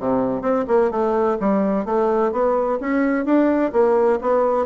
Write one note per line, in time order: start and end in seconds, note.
0.00 0.42 C3
0.42 0.65 C4
0.68 0.91 A#3
0.91 1.38 A3
1.41 1.86 G3
1.86 2.32 A3
2.32 2.79 B3
2.81 3.26 C#4
3.26 3.72 D4
3.73 4.20 A#3
4.22 4.66 B3